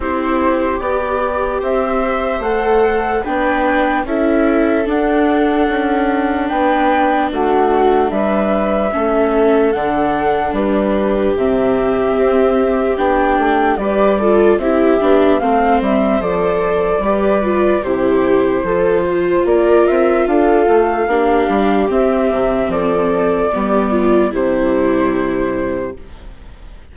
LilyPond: <<
  \new Staff \with { instrumentName = "flute" } { \time 4/4 \tempo 4 = 74 c''4 d''4 e''4 fis''4 | g''4 e''4 fis''2 | g''4 fis''4 e''2 | fis''4 b'4 e''2 |
g''4 d''4 e''4 f''8 e''8 | d''2 c''2 | d''8 e''8 f''2 e''4 | d''2 c''2 | }
  \new Staff \with { instrumentName = "viola" } { \time 4/4 g'2 c''2 | b'4 a'2. | b'4 fis'4 b'4 a'4~ | a'4 g'2.~ |
g'4 b'8 a'8 g'4 c''4~ | c''4 b'4 g'4 a'8 c''8 | ais'4 a'4 g'2 | a'4 g'8 f'8 e'2 | }
  \new Staff \with { instrumentName = "viola" } { \time 4/4 e'4 g'2 a'4 | d'4 e'4 d'2~ | d'2. cis'4 | d'2 c'2 |
d'4 g'8 f'8 e'8 d'8 c'4 | a'4 g'8 f'8 e'4 f'4~ | f'2 d'4 c'4~ | c'4 b4 g2 | }
  \new Staff \with { instrumentName = "bassoon" } { \time 4/4 c'4 b4 c'4 a4 | b4 cis'4 d'4 cis'4 | b4 a4 g4 a4 | d4 g4 c4 c'4 |
b8 a8 g4 c'8 b8 a8 g8 | f4 g4 c4 f4 | ais8 c'8 d'8 a8 ais8 g8 c'8 c8 | f4 g4 c2 | }
>>